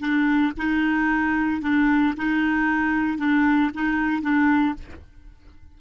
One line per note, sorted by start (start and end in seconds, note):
0.00 0.53 D4
0.57 1.62 D#4
1.62 2.14 D4
2.17 3.18 D#4
3.18 3.71 D4
3.74 4.22 D#4
4.22 4.75 D4